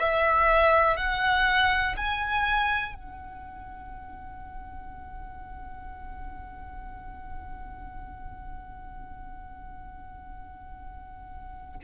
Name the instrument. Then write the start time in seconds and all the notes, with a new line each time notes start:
violin
0.00 E5
0.97 F#5
1.97 G#5
2.95 F#5